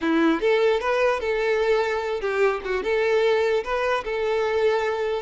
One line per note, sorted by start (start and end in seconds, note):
0.01 0.40 E4
0.40 0.80 A4
0.80 1.20 B4
1.20 2.20 A4
2.20 2.61 G4
2.64 2.83 F#4
2.83 3.63 A4
3.64 4.04 B4
4.04 5.22 A4